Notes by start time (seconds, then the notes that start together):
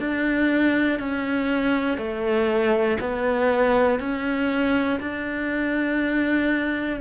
0.00 D4
1.00 C#4
1.98 A3
3.01 B3
4.00 C#4
5.01 D4